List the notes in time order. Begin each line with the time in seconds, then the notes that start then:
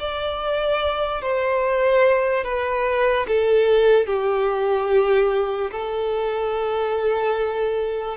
0.00 D5
1.22 C5
2.45 B4
3.28 A4
4.07 G4
5.72 A4